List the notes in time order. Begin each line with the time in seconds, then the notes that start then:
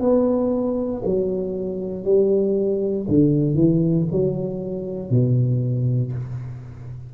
0.00 B3
1.05 F#3
2.04 G3
3.08 D3
3.55 E3
4.11 F#3
5.10 B2